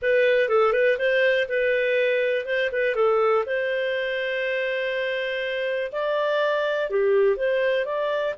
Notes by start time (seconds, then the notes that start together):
0.01 B4
0.48 A4
0.72 B4
0.98 C5
1.48 B4
2.45 C5
2.72 B4
2.95 A4
3.46 C5
5.92 D5
6.90 G4
7.36 C5
7.85 D5